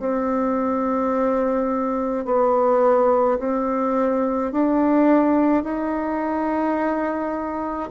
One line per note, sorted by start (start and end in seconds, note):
0.00 2.25 C4
2.25 3.39 B3
3.39 4.52 C4
4.52 5.64 D4
5.64 7.90 D#4